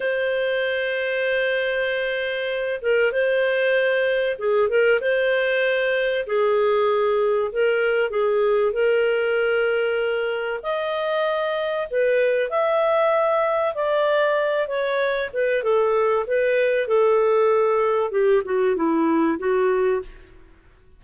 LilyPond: \new Staff \with { instrumentName = "clarinet" } { \time 4/4 \tempo 4 = 96 c''1~ | c''8 ais'8 c''2 gis'8 ais'8 | c''2 gis'2 | ais'4 gis'4 ais'2~ |
ais'4 dis''2 b'4 | e''2 d''4. cis''8~ | cis''8 b'8 a'4 b'4 a'4~ | a'4 g'8 fis'8 e'4 fis'4 | }